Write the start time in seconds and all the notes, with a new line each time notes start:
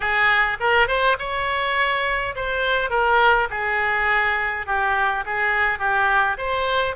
0.00 G#4
0.60 A#4
0.87 C5
1.18 C#5
2.35 C5
2.90 A#4
3.50 G#4
4.66 G4
5.25 G#4
5.78 G4
6.37 C5